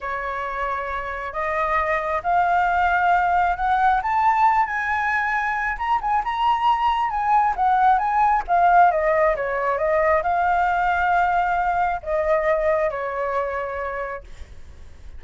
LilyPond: \new Staff \with { instrumentName = "flute" } { \time 4/4 \tempo 4 = 135 cis''2. dis''4~ | dis''4 f''2. | fis''4 a''4. gis''4.~ | gis''4 ais''8 gis''8 ais''2 |
gis''4 fis''4 gis''4 f''4 | dis''4 cis''4 dis''4 f''4~ | f''2. dis''4~ | dis''4 cis''2. | }